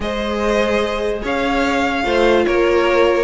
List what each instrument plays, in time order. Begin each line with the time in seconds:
0.00 cello G#3, viola G#4, violin C5 D#5
1.22 cello C#4, violin C#5 F5
2.03 cello A3, viola F4, violin C5
2.45 cello A#3, violin A#4 C#5